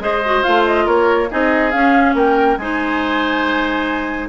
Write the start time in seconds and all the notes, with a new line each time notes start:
0.00 G#3 G#4 C5 D#5
0.25 F#4
0.43 A3 F4 F5
0.66 D#5
0.86 A#3 A#4 C#5
1.30 C4 D#4 G#4 D#5
1.71 C#4 F5
2.14 A#3 A#4 G5
2.58 G#3 D#4 C5 G#5